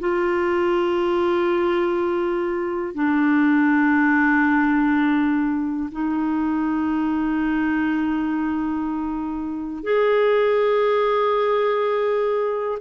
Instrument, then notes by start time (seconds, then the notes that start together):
clarinet
0.00 F4
2.95 D4
5.92 D#4
9.84 G#4